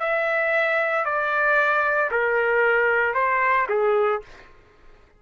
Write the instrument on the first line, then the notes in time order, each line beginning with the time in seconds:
trumpet
0.00 E5
1.06 D5
2.11 A#4
3.15 C5
3.69 G#4